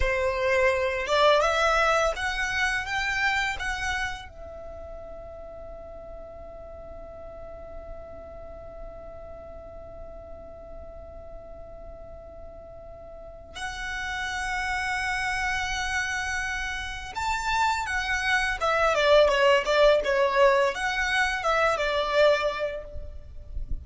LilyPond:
\new Staff \with { instrumentName = "violin" } { \time 4/4 \tempo 4 = 84 c''4. d''8 e''4 fis''4 | g''4 fis''4 e''2~ | e''1~ | e''1~ |
e''2. fis''4~ | fis''1 | a''4 fis''4 e''8 d''8 cis''8 d''8 | cis''4 fis''4 e''8 d''4. | }